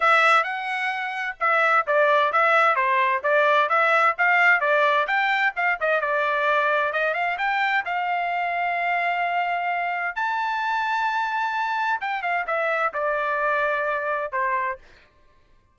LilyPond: \new Staff \with { instrumentName = "trumpet" } { \time 4/4 \tempo 4 = 130 e''4 fis''2 e''4 | d''4 e''4 c''4 d''4 | e''4 f''4 d''4 g''4 | f''8 dis''8 d''2 dis''8 f''8 |
g''4 f''2.~ | f''2 a''2~ | a''2 g''8 f''8 e''4 | d''2. c''4 | }